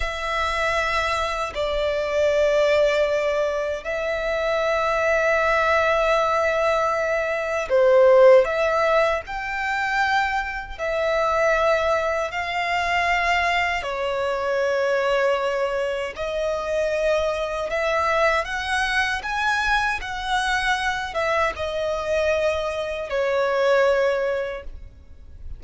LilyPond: \new Staff \with { instrumentName = "violin" } { \time 4/4 \tempo 4 = 78 e''2 d''2~ | d''4 e''2.~ | e''2 c''4 e''4 | g''2 e''2 |
f''2 cis''2~ | cis''4 dis''2 e''4 | fis''4 gis''4 fis''4. e''8 | dis''2 cis''2 | }